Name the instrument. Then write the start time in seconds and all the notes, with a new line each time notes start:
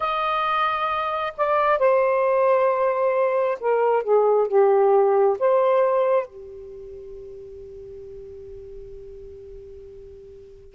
saxophone
0.00 D#5
1.37 D5
1.79 C5
3.60 A#4
4.03 G#4
4.47 G4
5.39 C5
6.26 G4